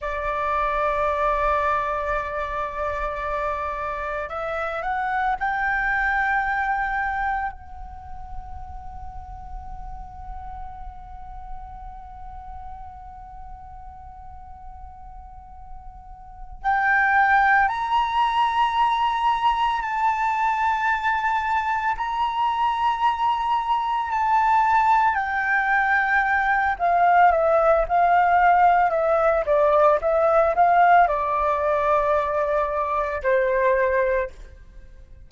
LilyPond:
\new Staff \with { instrumentName = "flute" } { \time 4/4 \tempo 4 = 56 d''1 | e''8 fis''8 g''2 fis''4~ | fis''1~ | fis''2.~ fis''8 g''8~ |
g''8 ais''2 a''4.~ | a''8 ais''2 a''4 g''8~ | g''4 f''8 e''8 f''4 e''8 d''8 | e''8 f''8 d''2 c''4 | }